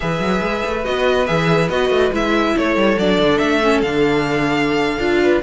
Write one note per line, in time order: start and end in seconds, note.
0.00 0.20 E3
0.00 0.83 G#4
0.00 2.56 B4
0.00 0.85 E5
0.20 0.41 F#3
0.41 0.63 G#3
0.64 0.85 A3
0.83 1.29 B3
0.83 1.26 F#4
0.83 1.26 D#5
1.26 1.69 E3
1.26 1.69 G#4
1.26 1.69 E5
1.69 1.89 B3
1.69 2.12 F#4
1.69 2.12 D#5
1.89 2.10 A3
2.12 2.55 G#3
2.12 2.97 E4
2.12 2.57 E5
2.56 2.76 A3
2.56 5.22 A4
2.56 2.98 C#5
2.76 2.97 G3
2.97 3.18 F#3
2.97 3.62 D4
2.97 3.37 D5
3.18 3.40 D3
3.37 3.82 A3
3.37 3.80 E5
3.62 3.83 C#4
3.81 4.98 D3
3.81 4.99 D4
3.81 5.41 F5
4.98 5.41 D4
4.98 5.41 F4
5.22 5.42 B4